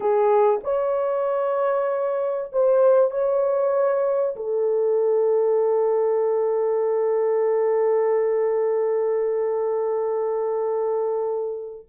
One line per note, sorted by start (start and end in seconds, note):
0.00 0.60 G#4
0.63 2.51 C#5
2.52 3.10 C5
3.10 4.35 C#5
4.36 11.86 A4